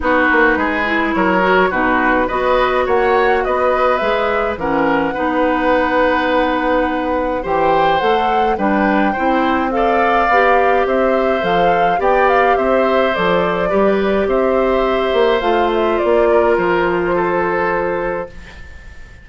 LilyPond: <<
  \new Staff \with { instrumentName = "flute" } { \time 4/4 \tempo 4 = 105 b'2 cis''4 b'4 | dis''4 fis''4 dis''4 e''4 | fis''1~ | fis''4 g''4 fis''4 g''4~ |
g''4 f''2 e''4 | f''4 g''8 f''8 e''4 d''4~ | d''4 e''2 f''8 e''8 | d''4 c''2. | }
  \new Staff \with { instrumentName = "oboe" } { \time 4/4 fis'4 gis'4 ais'4 fis'4 | b'4 cis''4 b'2 | ais'4 b'2.~ | b'4 c''2 b'4 |
c''4 d''2 c''4~ | c''4 d''4 c''2 | b'4 c''2.~ | c''8 ais'4. a'2 | }
  \new Staff \with { instrumentName = "clarinet" } { \time 4/4 dis'4. e'4 fis'8 dis'4 | fis'2. gis'4 | cis'4 dis'2.~ | dis'4 g'4 a'4 d'4 |
e'4 a'4 g'2 | a'4 g'2 a'4 | g'2. f'4~ | f'1 | }
  \new Staff \with { instrumentName = "bassoon" } { \time 4/4 b8 ais8 gis4 fis4 b,4 | b4 ais4 b4 gis4 | e4 b2.~ | b4 e4 a4 g4 |
c'2 b4 c'4 | f4 b4 c'4 f4 | g4 c'4. ais8 a4 | ais4 f2. | }
>>